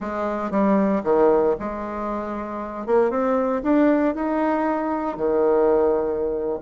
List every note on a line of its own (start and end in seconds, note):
0.00 0.50 G#3
0.50 1.02 G3
1.03 1.55 D#3
1.59 2.86 G#3
2.86 3.10 A#3
3.10 3.62 C4
3.63 4.14 D4
4.14 5.16 D#4
5.16 6.59 D#3